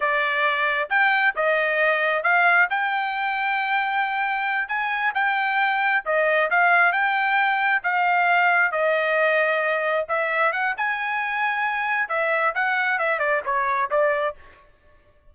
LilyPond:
\new Staff \with { instrumentName = "trumpet" } { \time 4/4 \tempo 4 = 134 d''2 g''4 dis''4~ | dis''4 f''4 g''2~ | g''2~ g''8 gis''4 g''8~ | g''4. dis''4 f''4 g''8~ |
g''4. f''2 dis''8~ | dis''2~ dis''8 e''4 fis''8 | gis''2. e''4 | fis''4 e''8 d''8 cis''4 d''4 | }